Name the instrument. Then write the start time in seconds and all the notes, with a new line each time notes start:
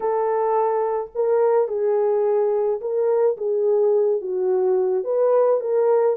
horn
0.00 A4
1.14 A#4
1.68 G#4
2.80 A#4
3.37 G#4
4.21 F#4
5.04 B4
5.60 A#4